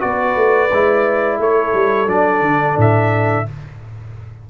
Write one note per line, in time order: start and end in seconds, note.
0.00 0.36 B3
0.00 0.69 F#4
0.00 1.39 B4
0.00 1.39 D5
0.36 0.70 A3
0.72 1.39 G#3
0.72 2.08 E4
1.39 1.73 A3
1.39 3.48 A4
1.39 2.09 C#5
1.74 2.07 G3
2.07 2.41 F#3
2.07 3.46 D4
2.07 2.78 D5
2.41 2.75 D3
2.77 3.46 A2
2.77 3.49 E5